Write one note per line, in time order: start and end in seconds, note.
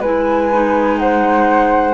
0.00 1.94 G#3
0.00 0.53 E4
0.00 0.98 B4
0.00 0.99 G#5
0.53 1.95 D#4
0.99 1.95 C5
0.99 1.95 F#5